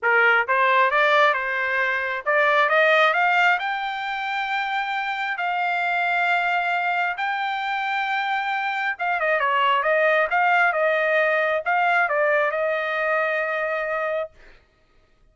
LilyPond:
\new Staff \with { instrumentName = "trumpet" } { \time 4/4 \tempo 4 = 134 ais'4 c''4 d''4 c''4~ | c''4 d''4 dis''4 f''4 | g''1 | f''1 |
g''1 | f''8 dis''8 cis''4 dis''4 f''4 | dis''2 f''4 d''4 | dis''1 | }